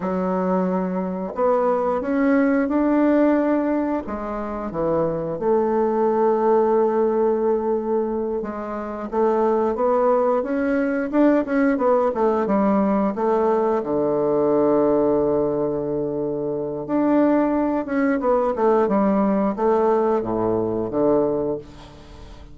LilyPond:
\new Staff \with { instrumentName = "bassoon" } { \time 4/4 \tempo 4 = 89 fis2 b4 cis'4 | d'2 gis4 e4 | a1~ | a8 gis4 a4 b4 cis'8~ |
cis'8 d'8 cis'8 b8 a8 g4 a8~ | a8 d2.~ d8~ | d4 d'4. cis'8 b8 a8 | g4 a4 a,4 d4 | }